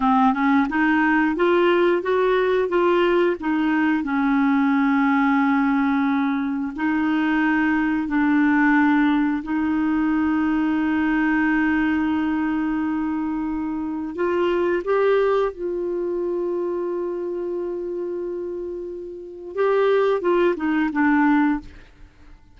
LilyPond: \new Staff \with { instrumentName = "clarinet" } { \time 4/4 \tempo 4 = 89 c'8 cis'8 dis'4 f'4 fis'4 | f'4 dis'4 cis'2~ | cis'2 dis'2 | d'2 dis'2~ |
dis'1~ | dis'4 f'4 g'4 f'4~ | f'1~ | f'4 g'4 f'8 dis'8 d'4 | }